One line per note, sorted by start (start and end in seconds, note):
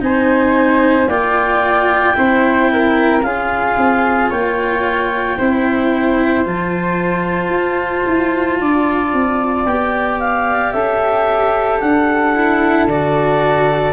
0.00 1.08 C4
0.00 1.07 D#4
0.00 1.09 C5
0.00 1.09 G#5
1.08 2.15 A#3
1.08 2.14 F4
1.08 2.16 D5
1.08 3.23 G5
2.14 3.23 C4
2.14 3.21 E4
2.14 2.71 C5
2.73 3.26 A#4
3.23 3.76 C#4
3.23 5.37 F4
3.23 4.30 G#4
3.23 4.30 F5
3.77 4.31 C4
4.30 5.38 A#3
4.30 5.37 C#5
4.30 6.45 G5
5.38 6.46 C4
5.38 6.45 E4
5.38 8.59 C5
6.45 7.49 F3
6.45 9.66 F4
6.45 9.66 A5
7.49 8.03 F4
8.06 8.60 E4
8.60 9.14 D4
8.60 10.74 D5
9.14 9.66 C4
9.66 10.73 B3
9.66 12.35 G4
9.66 10.19 G5
10.19 10.73 F5
10.73 11.81 C#4
10.73 13.93 A4
10.73 11.80 E5
11.80 12.87 D4
11.80 12.87 F#5
12.35 12.89 E4
12.87 13.93 D3
12.87 13.93 F#4
12.87 13.93 D5